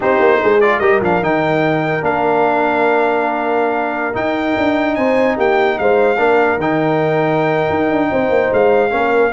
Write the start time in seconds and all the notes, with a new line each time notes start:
0.00 C4 D#4 G4 C5
0.19 A#3
0.40 G#3 G#4
0.61 F4 D5
0.79 G3 G4 A#4 D#5
1.00 F3 D4 F5
1.21 D#3 D#4 G5
2.01 A#3 D4 F5
4.13 D#4 G5
4.57 D4
4.95 C4 C5 G#5
5.36 A#3 G4 G5
5.78 G#3 C5 F5
6.17 A#3 D4 A#4
6.57 D#3 D#4 G5
7.69 D#4
7.90 D4
8.10 C4 C5
8.29 A#3
8.53 G#3 F5
8.90 A#3 C#4 A#4